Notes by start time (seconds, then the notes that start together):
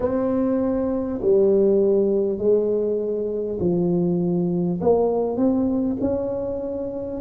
0.00 C4
1.21 G3
2.38 G#3
3.59 F3
4.81 A#3
5.37 C4
6.01 C#4